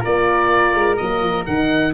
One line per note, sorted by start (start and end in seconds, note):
0.00 0.74 A#3
0.00 0.98 F4
0.00 1.92 A#4
0.00 0.97 D5
0.74 0.98 G#3
0.97 1.21 F#3
0.97 1.46 A#3
0.97 1.45 D#5
1.21 1.45 F3
1.46 1.94 D#3
1.46 1.94 D#4
1.46 1.94 F#5